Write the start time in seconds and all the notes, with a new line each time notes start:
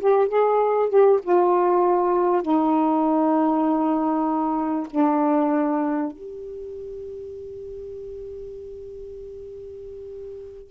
0.00 G4
0.28 G#4
0.89 G4
1.23 F4
2.42 D#4
4.90 D4
6.12 G4